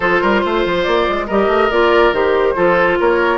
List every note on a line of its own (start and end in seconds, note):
0.00 0.21 F3
0.00 1.28 F4
0.00 0.21 A4
0.00 0.83 C5
0.21 0.43 G3
0.21 0.41 A#4
0.41 0.65 A3
0.41 1.26 C5
0.65 0.86 F3
0.83 1.08 A#3
0.83 1.25 D5
1.08 1.29 G#3
1.26 1.47 G3
1.26 1.71 G4
1.26 2.54 A#4
1.26 1.70 D#5
1.47 1.69 A3
1.70 2.12 A#3
1.70 2.13 F4
1.70 2.13 D5
2.12 2.54 D#3
2.12 2.55 G4
2.12 2.99 C5
2.55 2.99 F3
2.55 3.38 F4
2.55 2.98 A4
2.99 3.38 A#3
2.99 3.38 A#4
2.99 3.38 C#5